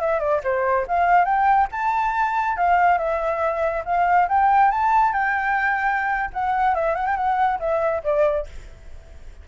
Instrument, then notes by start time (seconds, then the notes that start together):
flute
0.00 E5
0.19 D5
0.43 C5
0.87 F5
1.24 G5
1.71 A5
2.56 F5
2.97 E5
3.85 F5
4.28 G5
4.71 A5
5.12 G5
6.33 F#5
6.74 E5
6.95 F#5
7.06 G5
7.16 F#5
7.59 E5
8.03 D5